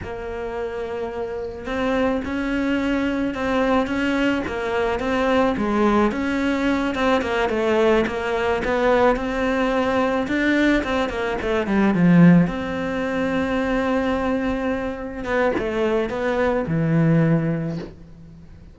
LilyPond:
\new Staff \with { instrumentName = "cello" } { \time 4/4 \tempo 4 = 108 ais2. c'4 | cis'2 c'4 cis'4 | ais4 c'4 gis4 cis'4~ | cis'8 c'8 ais8 a4 ais4 b8~ |
b8 c'2 d'4 c'8 | ais8 a8 g8 f4 c'4.~ | c'2.~ c'8 b8 | a4 b4 e2 | }